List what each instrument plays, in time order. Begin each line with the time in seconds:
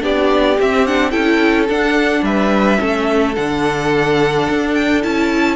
0.00 cello B3, viola D4, violin G4 D5
0.59 cello C4, viola C4, violin E5
0.86 viola D4, violin F#5
1.10 cello C#4, viola E4, violin A4 G5
1.69 cello D4, viola D4, violin F#5
2.22 cello G3, violin B4 E5
2.77 cello A3, viola C#4, violin A4
3.35 cello D3, viola D4, violin F#5
4.49 cello D4
4.74 violin G5
5.02 cello C#4, viola E4, violin A5